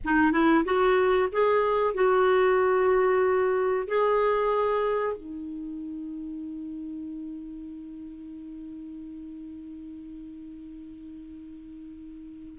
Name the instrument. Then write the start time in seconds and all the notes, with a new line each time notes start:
clarinet
0.04 D#4
0.32 E4
0.64 F#4
1.31 G#4
1.94 F#4
3.87 G#4
5.16 D#4